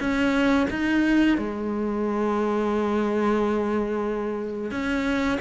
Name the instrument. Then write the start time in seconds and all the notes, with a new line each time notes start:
cello
0.00 C#4
0.70 D#4
1.38 G#3
4.71 C#4